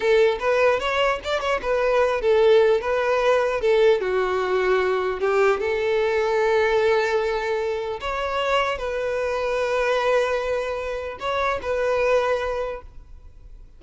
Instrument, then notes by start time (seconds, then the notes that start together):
violin
0.00 A4
0.39 B4
0.79 C#5
1.24 D5
1.40 C#5
1.62 B4
2.21 A4
2.80 B4
3.60 A4
4.01 F#4
5.20 G4
5.60 A4
8.00 C#5
8.78 B4
11.19 C#5
11.61 B4